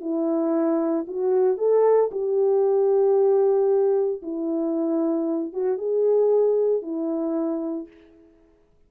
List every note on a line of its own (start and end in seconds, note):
0.00 1.05 E4
1.07 1.57 F#4
1.57 2.10 A4
2.11 4.22 G4
4.22 5.52 E4
5.52 5.78 F#4
5.78 6.82 G#4
6.82 7.87 E4